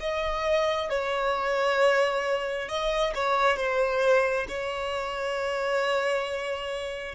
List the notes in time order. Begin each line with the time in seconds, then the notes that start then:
0.00 D#5
0.90 C#5
2.69 D#5
3.15 C#5
3.57 C5
4.49 C#5